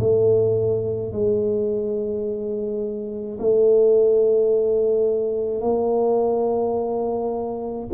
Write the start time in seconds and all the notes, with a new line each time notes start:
0.00 A3
1.13 G#3
3.40 A3
5.61 A#3